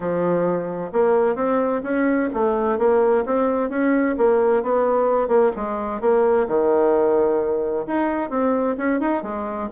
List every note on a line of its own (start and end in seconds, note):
0.00 0.91 F3
0.92 1.35 A#3
1.35 1.81 C4
1.83 2.29 C#4
2.33 2.78 A3
2.78 3.24 A#3
3.25 3.69 C4
3.69 4.15 C#4
4.17 4.62 A#3
4.62 5.28 B3
5.28 5.51 A#3
5.56 6.01 G#3
6.01 6.47 A#3
6.47 7.86 D#3
7.87 8.30 D#4
8.30 8.76 C4
8.77 8.99 C#4
8.99 9.22 D#4
9.23 9.69 G#3